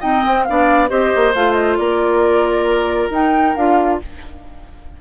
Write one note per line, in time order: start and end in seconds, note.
0.00 0.47 C4
0.00 0.25 D#4
0.00 0.44 D#5
0.00 0.44 G5
0.26 0.48 C4
0.44 0.91 B3
0.44 0.89 D4
0.44 0.90 D5
0.44 0.88 F5
0.89 1.13 C4
0.89 1.33 G4
0.89 1.78 C5
0.89 1.34 D#5
1.15 1.34 A#3
1.34 1.78 A3
1.34 3.12 F4
1.34 1.53 F5
1.53 1.75 D#5
1.77 3.10 A#3
1.77 4.00 A#4
1.77 3.09 D5
3.10 3.54 D#4
3.10 3.56 D#4
3.10 3.56 G5
3.56 4.01 D4
3.56 4.01 F4
3.56 4.00 F5